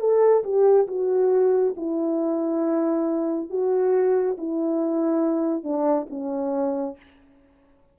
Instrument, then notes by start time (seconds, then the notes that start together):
horn
0.00 A4
0.44 G4
0.87 F#4
1.77 E4
3.50 F#4
4.38 E4
5.63 D4
6.10 C#4